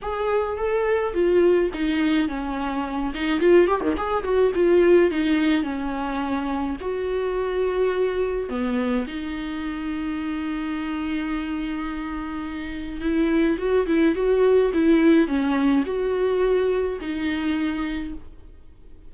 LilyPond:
\new Staff \with { instrumentName = "viola" } { \time 4/4 \tempo 4 = 106 gis'4 a'4 f'4 dis'4 | cis'4. dis'8 f'8 g'16 dis16 gis'8 fis'8 | f'4 dis'4 cis'2 | fis'2. b4 |
dis'1~ | dis'2. e'4 | fis'8 e'8 fis'4 e'4 cis'4 | fis'2 dis'2 | }